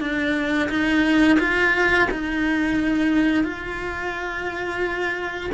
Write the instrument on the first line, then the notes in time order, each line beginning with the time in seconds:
cello
0.00 D4
0.69 D#4
1.39 F4
2.11 D#4
3.44 F4